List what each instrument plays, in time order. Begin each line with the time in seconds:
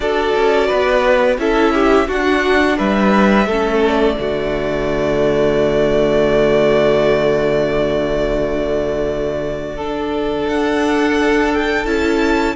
0.00 cello D4, viola F#4, violin A4 D5
0.35 cello C#4
0.67 cello B3, violin B4
1.37 cello C#4, viola E4, violin A4 E5
1.73 violin G4
2.07 viola D4, cello D4, violin F#4 F#5
2.77 cello G3, violin B4 E5
3.46 cello A3, viola C#4, violin A4
3.86 violin D5
4.17 cello D3, viola A3, violin F#4
9.76 viola D4, violin A4
10.46 cello D4, violin F#5
11.53 violin G5
11.85 cello C#4, viola E4, violin A5